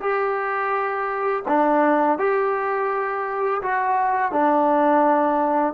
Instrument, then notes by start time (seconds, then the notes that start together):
trombone
0.00 G4
1.47 D4
2.18 G4
3.62 F#4
4.32 D4